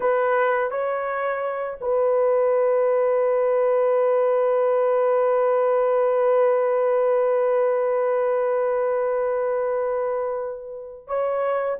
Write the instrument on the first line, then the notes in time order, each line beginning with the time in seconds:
horn
0.00 B4
0.70 C#5
1.80 B4
11.07 C#5